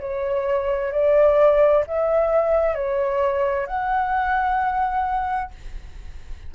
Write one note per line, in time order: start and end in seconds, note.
0.00 0.92 C#5
0.92 1.84 D5
1.87 2.75 E5
2.75 3.67 C#5
3.67 5.51 F#5